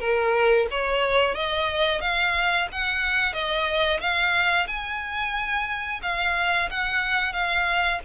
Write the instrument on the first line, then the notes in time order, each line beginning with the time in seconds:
violin
0.00 A#4
0.71 C#5
1.35 D#5
2.01 F5
2.72 F#5
3.33 D#5
4.00 F5
4.67 G#5
6.03 F5
6.70 F#5
7.33 F5